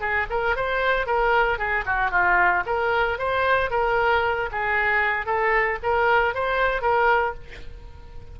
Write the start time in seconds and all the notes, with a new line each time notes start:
0.00 G#4
0.30 A#4
0.56 C5
1.06 A#4
1.58 G#4
1.85 F#4
2.11 F4
2.66 A#4
3.18 C5
3.70 A#4
4.51 G#4
5.26 A4
5.83 A#4
6.34 C5
6.81 A#4